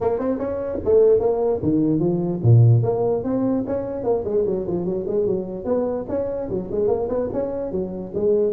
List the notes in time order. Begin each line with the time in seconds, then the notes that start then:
0.00 A#3
0.18 C4
0.38 C#4
0.84 A3
1.19 A#3
1.62 D#3
1.99 F3
2.42 A#2
2.82 A#3
3.23 C4
3.66 C#4
4.03 A#3
4.24 G#3
4.46 F#3
4.67 F3
4.85 F#3
5.07 G#3
5.26 F#3
5.65 B3
6.08 C#4
6.49 F#3
6.71 G#3
6.87 A#3
7.08 B3
7.32 C#4
7.71 F#3
8.14 G#3